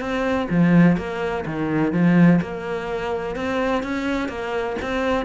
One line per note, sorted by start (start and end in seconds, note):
0.00 0.48 C4
0.49 0.97 F3
0.97 1.44 A#3
1.45 1.92 D#3
1.92 2.40 F3
2.41 3.35 A#3
3.35 3.83 C4
3.83 4.29 C#4
4.29 4.76 A#3
4.81 5.25 C4